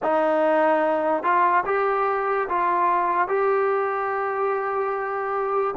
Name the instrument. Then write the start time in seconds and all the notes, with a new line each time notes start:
trombone
0.02 D#4
1.23 F4
1.65 G4
2.48 F4
3.28 G4